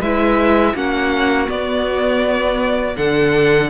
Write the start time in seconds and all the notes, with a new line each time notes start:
0.00 G#3 E4 B4 E5
0.75 A#3 C#4 F#4 F#5
1.47 B3 D5
2.97 D3 D4 A4 F#5